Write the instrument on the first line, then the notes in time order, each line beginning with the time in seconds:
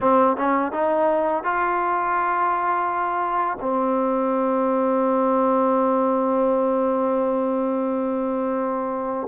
trombone
0.01 C4
0.36 C#4
0.72 D#4
1.43 F4
3.60 C4